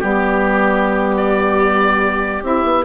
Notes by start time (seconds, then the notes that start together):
0.00 G3 B3 G4
1.17 D5
2.43 C4 E4 E5
2.64 B3